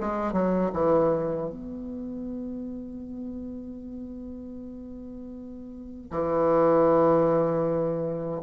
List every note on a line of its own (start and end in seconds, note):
0.00 0.33 G#3
0.33 0.71 F#3
0.73 1.50 E3
1.50 6.11 B3
6.11 8.42 E3